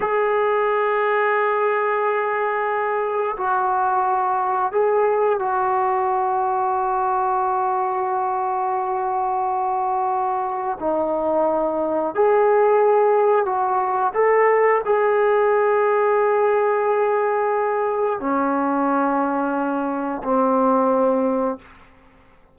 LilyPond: \new Staff \with { instrumentName = "trombone" } { \time 4/4 \tempo 4 = 89 gis'1~ | gis'4 fis'2 gis'4 | fis'1~ | fis'1 |
dis'2 gis'2 | fis'4 a'4 gis'2~ | gis'2. cis'4~ | cis'2 c'2 | }